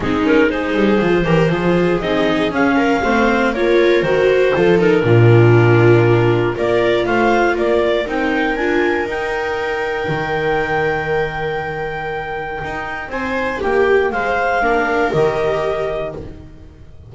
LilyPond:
<<
  \new Staff \with { instrumentName = "clarinet" } { \time 4/4 \tempo 4 = 119 gis'8 ais'8 c''2. | dis''4 f''2 cis''4 | c''4. ais'2~ ais'8~ | ais'4 d''4 f''4 d''4 |
g''4 gis''4 g''2~ | g''1~ | g''2 gis''4 g''4 | f''2 dis''2 | }
  \new Staff \with { instrumentName = "viola" } { \time 4/4 dis'4 gis'4. ais'8 gis'4~ | gis'4. ais'8 c''4 ais'4~ | ais'4 a'4 f'2~ | f'4 ais'4 c''4 ais'4~ |
ais'1~ | ais'1~ | ais'2 c''4 g'4 | c''4 ais'2. | }
  \new Staff \with { instrumentName = "viola" } { \time 4/4 c'8 cis'8 dis'4 f'8 g'8 f'4 | dis'4 cis'4 c'4 f'4 | fis'4 f'8 dis'8 d'2~ | d'4 f'2. |
dis'4 f'4 dis'2~ | dis'1~ | dis'1~ | dis'4 d'4 g'2 | }
  \new Staff \with { instrumentName = "double bass" } { \time 4/4 gis4. g8 f8 e8 f4 | c'4 cis'4 a4 ais4 | dis4 f4 ais,2~ | ais,4 ais4 a4 ais4 |
c'4 d'4 dis'2 | dis1~ | dis4 dis'4 c'4 ais4 | gis4 ais4 dis2 | }
>>